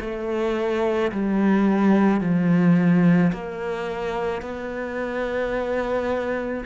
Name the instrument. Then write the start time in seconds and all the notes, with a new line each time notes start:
cello
0.00 A3
1.12 G3
2.21 F3
3.32 A#3
4.41 B3